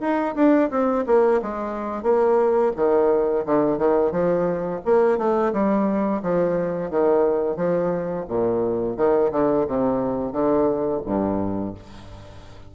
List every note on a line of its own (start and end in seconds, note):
0.00 0.34 D#4
0.35 0.70 D4
0.70 1.05 C4
1.06 1.41 A#3
1.42 2.03 G#3
2.03 2.71 A#3
2.76 3.45 D#3
3.45 3.78 D3
3.78 4.11 D#3
4.11 4.80 F3
4.85 5.18 A#3
5.18 5.52 A3
5.52 6.21 G3
6.22 6.90 F3
6.90 7.56 D#3
7.56 8.25 F3
8.28 8.97 A#2
8.97 9.31 D#3
9.32 9.66 D3
9.67 10.32 C3
10.32 11.01 D3
11.05 11.74 G2